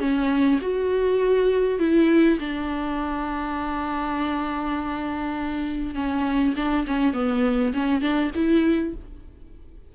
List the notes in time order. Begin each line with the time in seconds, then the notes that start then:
0.00 C#4
0.62 F#4
1.79 E4
2.40 D4
5.95 C#4
6.56 D4
6.87 C#4
7.14 B3
7.74 C#4
8.01 D4
8.35 E4